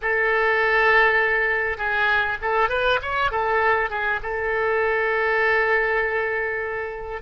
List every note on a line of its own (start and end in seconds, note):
0.01 1.77 A4
1.77 2.37 G#4
2.41 2.69 A4
2.69 2.99 B4
3.02 3.31 C#5
3.31 3.90 A4
3.90 4.20 G#4
4.22 7.21 A4